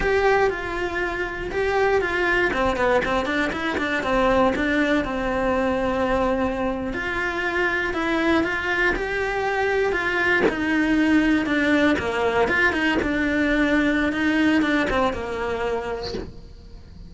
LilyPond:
\new Staff \with { instrumentName = "cello" } { \time 4/4 \tempo 4 = 119 g'4 f'2 g'4 | f'4 c'8 b8 c'8 d'8 e'8 d'8 | c'4 d'4 c'2~ | c'4.~ c'16 f'2 e'16~ |
e'8. f'4 g'2 f'16~ | f'8. dis'2 d'4 ais16~ | ais8. f'8 dis'8 d'2~ d'16 | dis'4 d'8 c'8 ais2 | }